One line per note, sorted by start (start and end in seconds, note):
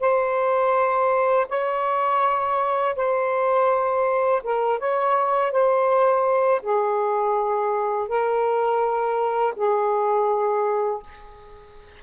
0.00 1.46 C5
1.49 2.95 C#5
2.95 4.42 C5
4.43 4.79 A#4
4.79 5.51 C#5
5.51 6.61 C5
6.62 8.08 G#4
8.08 9.54 A#4
9.56 11.02 G#4